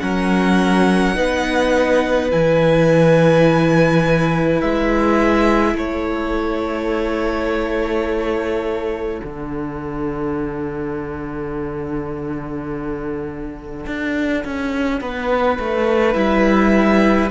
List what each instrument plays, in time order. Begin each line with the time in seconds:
0.00 cello F#3, viola C#4, violin A#4 F#5
1.15 cello B3, viola D#4, violin B4
2.31 cello E3, viola E4, violin G#5
4.61 cello G#3, violin E5
5.75 cello A3, violin A4 C#5
9.24 cello D3, viola D4, violin F#5
13.87 cello D4
14.45 cello C#4
15.01 cello B3, violin B4
15.60 cello A3
16.13 cello G3, viola E4, violin E5